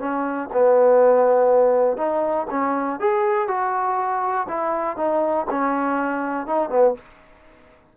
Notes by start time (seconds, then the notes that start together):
0.00 C#4
0.53 B3
1.97 D#4
2.51 C#4
3.00 G#4
3.48 F#4
4.49 E4
4.97 D#4
5.51 C#4
6.47 D#4
6.70 B3